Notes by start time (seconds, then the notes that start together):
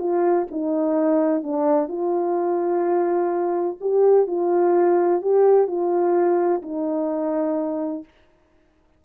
0.00 F4
0.51 D#4
1.43 D4
1.89 F4
3.81 G4
4.28 F4
5.22 G4
5.68 F4
6.62 D#4